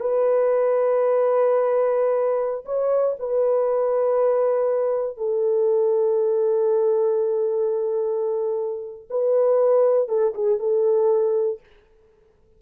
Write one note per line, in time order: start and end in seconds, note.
0.00 2.65 B4
2.65 3.16 C#5
3.19 5.17 B4
5.17 9.08 A4
9.10 10.09 B4
10.09 10.34 A4
10.34 10.59 G#4
10.59 11.60 A4